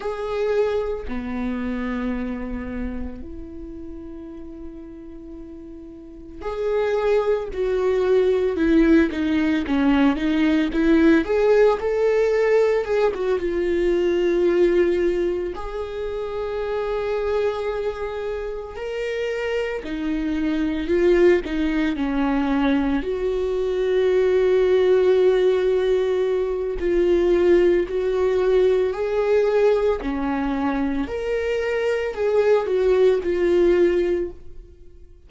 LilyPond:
\new Staff \with { instrumentName = "viola" } { \time 4/4 \tempo 4 = 56 gis'4 b2 e'4~ | e'2 gis'4 fis'4 | e'8 dis'8 cis'8 dis'8 e'8 gis'8 a'4 | gis'16 fis'16 f'2 gis'4.~ |
gis'4. ais'4 dis'4 f'8 | dis'8 cis'4 fis'2~ fis'8~ | fis'4 f'4 fis'4 gis'4 | cis'4 ais'4 gis'8 fis'8 f'4 | }